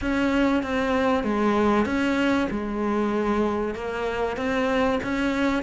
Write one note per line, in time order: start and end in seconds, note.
0.01 0.62 C#4
0.62 1.23 C4
1.23 1.85 G#3
1.85 2.48 C#4
2.50 3.74 G#3
3.74 4.37 A#3
4.37 4.99 C4
5.03 5.62 C#4